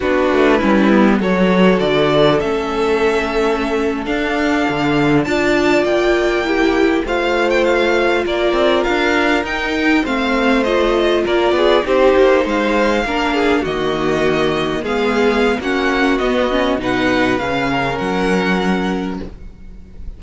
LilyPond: <<
  \new Staff \with { instrumentName = "violin" } { \time 4/4 \tempo 4 = 100 b'2 cis''4 d''4 | e''2~ e''8. f''4~ f''16~ | f''8. a''4 g''2 f''16~ | f''8 g''16 f''4 d''4 f''4 g''16~ |
g''8. f''4 dis''4 d''4 c''16~ | c''8. f''2 dis''4~ dis''16~ | dis''8. f''4~ f''16 fis''4 dis''4 | fis''4 f''4 fis''2 | }
  \new Staff \with { instrumentName = "violin" } { \time 4/4 fis'4 e'4 a'2~ | a'1~ | a'8. d''2 g'4 c''16~ | c''4.~ c''16 ais'2~ ais'16~ |
ais'8. c''2 ais'8 gis'8 g'16~ | g'8. c''4 ais'8 gis'8 fis'4~ fis'16~ | fis'8. gis'4~ gis'16 fis'2 | b'4. ais'2~ ais'8 | }
  \new Staff \with { instrumentName = "viola" } { \time 4/4 d'4 cis'8 b8 fis'2 | cis'2~ cis'8. d'4~ d'16~ | d'8. f'2 e'4 f'16~ | f'2.~ f'8. dis'16~ |
dis'8. c'4 f'2 dis'16~ | dis'4.~ dis'16 d'4 ais4~ ais16~ | ais8. b4~ b16 cis'4 b8 cis'8 | dis'4 cis'2. | }
  \new Staff \with { instrumentName = "cello" } { \time 4/4 b8 a8 g4 fis4 d4 | a2~ a8. d'4 d16~ | d8. d'4 ais2 a16~ | a4.~ a16 ais8 c'8 d'4 dis'16~ |
dis'8. a2 ais8 b8 c'16~ | c'16 ais8 gis4 ais4 dis4~ dis16~ | dis8. gis4~ gis16 ais4 b4 | b,4 cis4 fis2 | }
>>